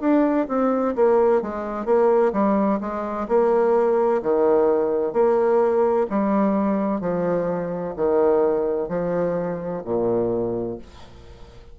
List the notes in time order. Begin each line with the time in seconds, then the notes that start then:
0.00 D4
0.48 C4
0.95 A#3
1.41 G#3
1.85 A#3
2.33 G3
2.80 G#3
3.28 A#3
4.22 D#3
5.13 A#3
6.09 G3
7.01 F3
7.96 D#3
8.88 F3
9.84 A#2